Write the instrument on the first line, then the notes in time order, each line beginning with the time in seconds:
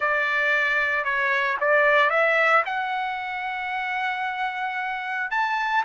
trumpet
0.00 D5
1.04 C#5
1.60 D5
2.10 E5
2.65 F#5
5.30 A5